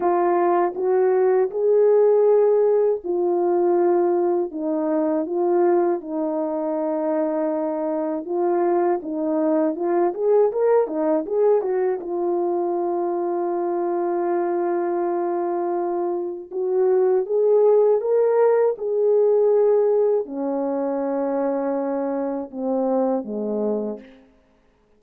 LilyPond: \new Staff \with { instrumentName = "horn" } { \time 4/4 \tempo 4 = 80 f'4 fis'4 gis'2 | f'2 dis'4 f'4 | dis'2. f'4 | dis'4 f'8 gis'8 ais'8 dis'8 gis'8 fis'8 |
f'1~ | f'2 fis'4 gis'4 | ais'4 gis'2 cis'4~ | cis'2 c'4 gis4 | }